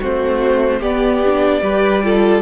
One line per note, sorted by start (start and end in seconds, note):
0.00 0.81 A3
0.00 0.82 C4
0.00 0.80 F#4
0.00 0.82 C5
0.80 1.61 B3
0.80 1.23 B3
0.80 1.61 G4
0.80 2.42 D5
1.26 1.62 D4
1.61 2.42 G3
1.61 2.03 G4
1.61 2.04 B4
2.03 2.42 F4
2.03 2.42 A4